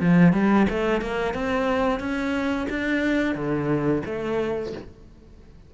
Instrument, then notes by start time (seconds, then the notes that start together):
cello
0.00 F3
0.32 G3
0.69 A3
1.01 A#3
1.34 C4
1.99 C#4
2.69 D4
3.35 D3
4.05 A3